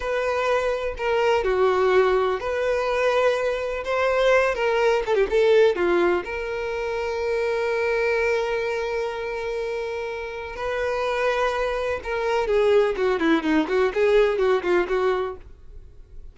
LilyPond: \new Staff \with { instrumentName = "violin" } { \time 4/4 \tempo 4 = 125 b'2 ais'4 fis'4~ | fis'4 b'2. | c''4. ais'4 a'16 g'16 a'4 | f'4 ais'2.~ |
ais'1~ | ais'2 b'2~ | b'4 ais'4 gis'4 fis'8 e'8 | dis'8 fis'8 gis'4 fis'8 f'8 fis'4 | }